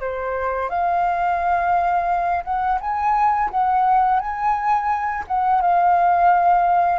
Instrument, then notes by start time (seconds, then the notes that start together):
flute
0.00 C5
0.69 F5
2.44 F#5
2.80 G#5
3.50 F#5
4.20 G#5
5.27 F#5
5.61 F5